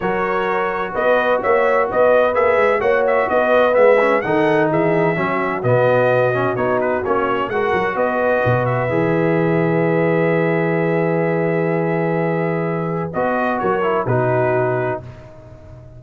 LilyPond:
<<
  \new Staff \with { instrumentName = "trumpet" } { \time 4/4 \tempo 4 = 128 cis''2 dis''4 e''4 | dis''4 e''4 fis''8 e''8 dis''4 | e''4 fis''4 e''2 | dis''2 cis''8 b'8 cis''4 |
fis''4 dis''4. e''4.~ | e''1~ | e''1 | dis''4 cis''4 b'2 | }
  \new Staff \with { instrumentName = "horn" } { \time 4/4 ais'2 b'4 cis''4 | b'2 cis''4 b'4~ | b'4 a'4 gis'4 fis'4~ | fis'1 |
ais'4 b'2.~ | b'1~ | b'1~ | b'4 ais'4 fis'2 | }
  \new Staff \with { instrumentName = "trombone" } { \time 4/4 fis'1~ | fis'4 gis'4 fis'2 | b8 cis'8 dis'2 cis'4 | b4. cis'8 dis'4 cis'4 |
fis'2. gis'4~ | gis'1~ | gis'1 | fis'4. e'8 dis'2 | }
  \new Staff \with { instrumentName = "tuba" } { \time 4/4 fis2 b4 ais4 | b4 ais8 gis8 ais4 b4 | gis4 dis4 e4 fis4 | b,2 b4 ais4 |
gis8 fis8 b4 b,4 e4~ | e1~ | e1 | b4 fis4 b,2 | }
>>